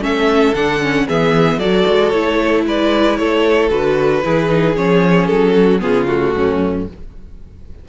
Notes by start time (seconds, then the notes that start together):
0.00 A3 C#4 A4 E5
0.54 D3 D4 F#5
0.81 C#4
1.07 E3 B3 G#4 E5
1.58 F#3 F#4 A4 D5
1.87 G#3
2.09 A3 E4 C#5
2.65 G#3 B4 D5
3.17 A3 A4 C#5
3.70 D3 F#4 B4
4.23 E3 E4 G#4
4.48 D#4
4.75 F3 C#4 C#5
5.26 F#3 A4
5.54 F#4
5.79 C#3 B3 F4 G#4
6.06 A3 F#4
6.35 F#2 C#4